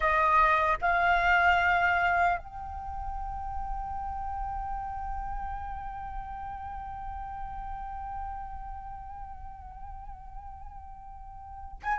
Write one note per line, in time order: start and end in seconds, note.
0.00 0.77 D#5
0.81 2.38 F5
2.38 11.78 G5
11.83 11.99 G#5